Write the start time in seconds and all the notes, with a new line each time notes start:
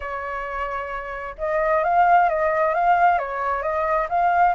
0.00 C#5
1.38 D#5
1.83 F5
2.29 D#5
2.74 F5
3.18 C#5
3.62 D#5
4.09 F5